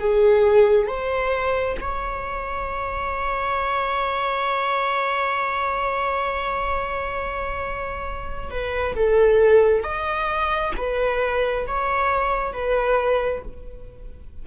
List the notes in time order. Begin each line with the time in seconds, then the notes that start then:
0.00 G#4
0.88 C5
1.81 C#5
8.51 B4
8.96 A4
9.84 D#5
10.77 B4
11.68 C#5
12.53 B4